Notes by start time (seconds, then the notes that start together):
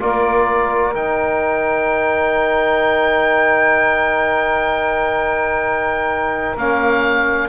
0.00 A#3 F4 A#4 D5
0.94 D#3 D#4 G5
6.57 A#3 C#4 F5